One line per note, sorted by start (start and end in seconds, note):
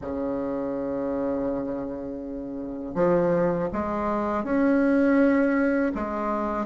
0.01 2.94 C#3
2.94 3.68 F3
3.72 4.43 G#3
4.43 5.92 C#4
5.95 6.65 G#3